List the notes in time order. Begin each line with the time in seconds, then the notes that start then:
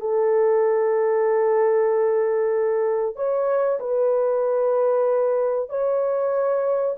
0.00 A4
3.16 C#5
3.80 B4
5.69 C#5